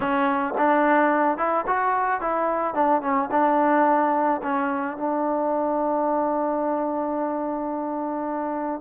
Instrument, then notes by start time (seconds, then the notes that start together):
trombone
0.00 C#4
0.58 D4
1.37 E4
1.66 F#4
2.20 E4
2.74 D4
3.01 C#4
3.31 D4
4.43 C#4
4.97 D4